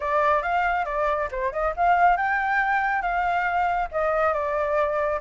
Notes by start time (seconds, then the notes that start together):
0.00 D5
0.42 F5
0.85 D5
1.31 C5
1.52 D#5
1.76 F5
2.16 G5
3.02 F5
3.91 D#5
4.33 D5